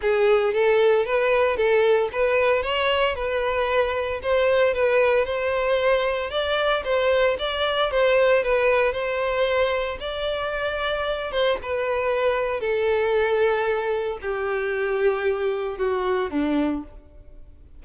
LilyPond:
\new Staff \with { instrumentName = "violin" } { \time 4/4 \tempo 4 = 114 gis'4 a'4 b'4 a'4 | b'4 cis''4 b'2 | c''4 b'4 c''2 | d''4 c''4 d''4 c''4 |
b'4 c''2 d''4~ | d''4. c''8 b'2 | a'2. g'4~ | g'2 fis'4 d'4 | }